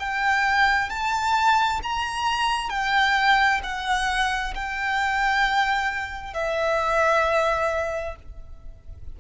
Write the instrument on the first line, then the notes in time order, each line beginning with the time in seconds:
violin
0.00 G5
0.90 A5
1.83 A#5
2.70 G5
3.63 F#5
4.55 G5
6.34 E5